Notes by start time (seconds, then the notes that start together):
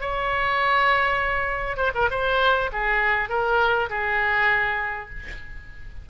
0.00 C#5
1.76 C5
1.94 A#4
2.10 C5
2.72 G#4
3.29 A#4
3.89 G#4